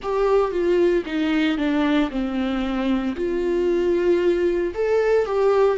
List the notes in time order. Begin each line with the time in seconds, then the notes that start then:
0.02 G4
0.51 F4
1.05 D#4
1.57 D4
2.10 C4
3.16 F4
4.74 A4
5.25 G4